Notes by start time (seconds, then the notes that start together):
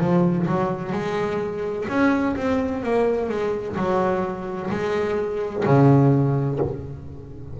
0.00 F3
0.47 F#3
0.93 G#3
1.89 C#4
2.37 C4
2.84 A#3
3.30 G#3
3.77 F#3
4.71 G#3
5.66 C#3